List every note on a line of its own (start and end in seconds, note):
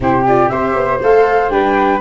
0.00 0.50 C3
0.00 0.26 E4
0.00 0.51 G4
0.00 0.26 C5
0.27 0.50 F4
0.27 0.48 D5
0.48 0.75 C4
0.48 1.00 G4
0.48 1.52 C5
0.48 0.99 E5
0.75 1.00 B3
1.01 1.49 A3
1.01 1.49 A4
1.01 1.50 F5
1.49 2.00 G3
1.49 2.00 D4
1.49 2.00 B4
1.49 2.00 G5